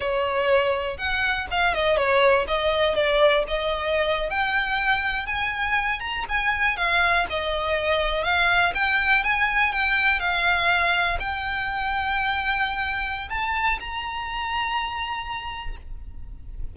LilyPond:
\new Staff \with { instrumentName = "violin" } { \time 4/4 \tempo 4 = 122 cis''2 fis''4 f''8 dis''8 | cis''4 dis''4 d''4 dis''4~ | dis''8. g''2 gis''4~ gis''16~ | gis''16 ais''8 gis''4 f''4 dis''4~ dis''16~ |
dis''8. f''4 g''4 gis''4 g''16~ | g''8. f''2 g''4~ g''16~ | g''2. a''4 | ais''1 | }